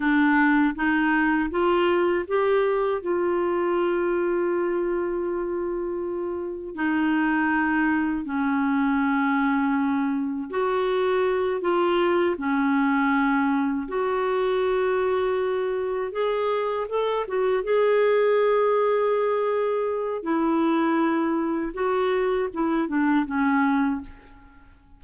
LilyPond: \new Staff \with { instrumentName = "clarinet" } { \time 4/4 \tempo 4 = 80 d'4 dis'4 f'4 g'4 | f'1~ | f'4 dis'2 cis'4~ | cis'2 fis'4. f'8~ |
f'8 cis'2 fis'4.~ | fis'4. gis'4 a'8 fis'8 gis'8~ | gis'2. e'4~ | e'4 fis'4 e'8 d'8 cis'4 | }